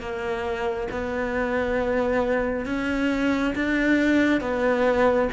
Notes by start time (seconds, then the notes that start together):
0.00 A#3
0.91 B3
2.66 C#4
3.55 D4
4.41 B3